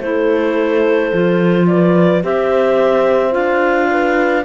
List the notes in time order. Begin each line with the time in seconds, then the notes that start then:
0.00 A3 E4 A4 C5
1.13 F3 F4
1.67 B4 D5
2.23 C4 G4 C5 E5
3.31 D4 F4 F5
3.91 B4